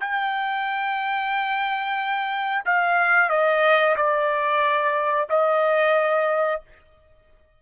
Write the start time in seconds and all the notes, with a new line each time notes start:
0.00 G5
2.65 F5
3.29 D#5
3.96 D5
5.30 D#5